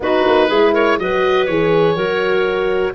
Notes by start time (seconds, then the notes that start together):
0.00 B3 D#4 F#4 B4
0.26 A#3
0.47 G#3 E4 G#4
0.72 A#4 C#5
0.98 F#3 F#4 B4 D#5
1.46 E3 G#4 C#5
1.95 F#3 F#4 A#4